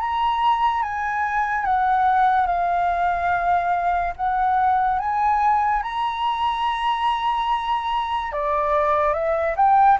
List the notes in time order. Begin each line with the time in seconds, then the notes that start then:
0.00 A#5
0.83 G#5
1.66 F#5
2.47 F5
4.17 F#5
5.00 G#5
5.83 A#5
8.33 D5
9.14 E5
9.57 G5